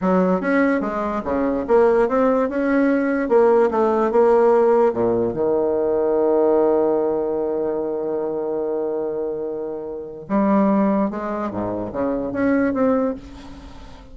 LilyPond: \new Staff \with { instrumentName = "bassoon" } { \time 4/4 \tempo 4 = 146 fis4 cis'4 gis4 cis4 | ais4 c'4 cis'2 | ais4 a4 ais2 | ais,4 dis2.~ |
dis1~ | dis1~ | dis4 g2 gis4 | gis,4 cis4 cis'4 c'4 | }